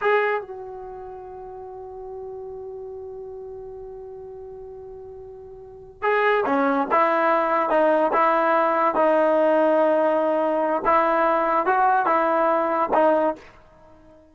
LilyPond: \new Staff \with { instrumentName = "trombone" } { \time 4/4 \tempo 4 = 144 gis'4 fis'2.~ | fis'1~ | fis'1~ | fis'2~ fis'8 gis'4 cis'8~ |
cis'8 e'2 dis'4 e'8~ | e'4. dis'2~ dis'8~ | dis'2 e'2 | fis'4 e'2 dis'4 | }